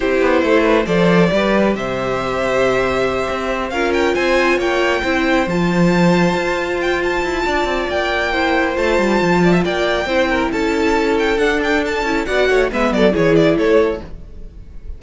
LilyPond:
<<
  \new Staff \with { instrumentName = "violin" } { \time 4/4 \tempo 4 = 137 c''2 d''2 | e''1~ | e''8 f''8 g''8 gis''4 g''4.~ | g''8 a''2. g''8 |
a''2 g''2 | a''2 g''2 | a''4. g''8 fis''8 g''8 a''4 | fis''4 e''8 d''8 cis''8 d''8 cis''4 | }
  \new Staff \with { instrumentName = "violin" } { \time 4/4 g'4 a'8 b'8 c''4 b'4 | c''1~ | c''8 ais'4 c''4 cis''4 c''8~ | c''1~ |
c''4 d''2 c''4~ | c''4. d''16 e''16 d''4 c''8 ais'8 | a'1 | d''8 cis''8 b'8 a'8 gis'4 a'4 | }
  \new Staff \with { instrumentName = "viola" } { \time 4/4 e'2 a'4 g'4~ | g'1~ | g'8 f'2. e'8~ | e'8 f'2.~ f'8~ |
f'2. e'4 | f'2. e'4~ | e'2 d'4. e'8 | fis'4 b4 e'2 | }
  \new Staff \with { instrumentName = "cello" } { \time 4/4 c'8 b8 a4 f4 g4 | c2.~ c8 c'8~ | c'8 cis'4 c'4 ais4 c'8~ | c'8 f2 f'4.~ |
f'8 e'8 d'8 c'8 ais2 | a8 g8 f4 ais4 c'4 | cis'2 d'4. cis'8 | b8 a8 gis8 fis8 e4 a4 | }
>>